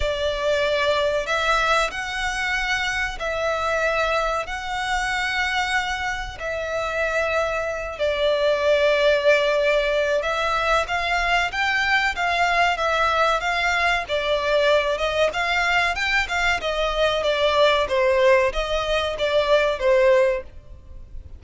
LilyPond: \new Staff \with { instrumentName = "violin" } { \time 4/4 \tempo 4 = 94 d''2 e''4 fis''4~ | fis''4 e''2 fis''4~ | fis''2 e''2~ | e''8 d''2.~ d''8 |
e''4 f''4 g''4 f''4 | e''4 f''4 d''4. dis''8 | f''4 g''8 f''8 dis''4 d''4 | c''4 dis''4 d''4 c''4 | }